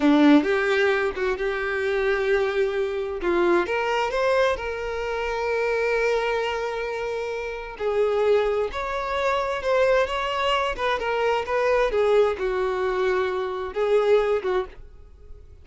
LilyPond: \new Staff \with { instrumentName = "violin" } { \time 4/4 \tempo 4 = 131 d'4 g'4. fis'8 g'4~ | g'2. f'4 | ais'4 c''4 ais'2~ | ais'1~ |
ais'4 gis'2 cis''4~ | cis''4 c''4 cis''4. b'8 | ais'4 b'4 gis'4 fis'4~ | fis'2 gis'4. fis'8 | }